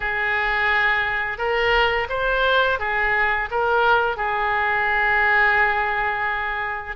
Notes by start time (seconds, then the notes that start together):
0.00 G#4
1.38 A#4
2.09 C5
2.79 G#4
3.50 A#4
4.17 G#4